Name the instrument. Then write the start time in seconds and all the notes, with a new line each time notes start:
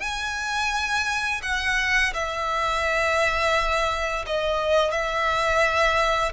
violin
0.00 G#5
1.42 F#5
2.13 E5
4.26 D#5
4.91 E5